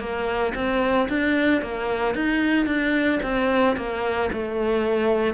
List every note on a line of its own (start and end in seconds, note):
0.00 0.54 A#3
0.55 1.09 C4
1.09 1.62 D4
1.62 2.15 A#3
2.15 2.66 D#4
2.66 3.20 D4
3.23 3.76 C4
3.76 4.30 A#3
4.32 5.34 A3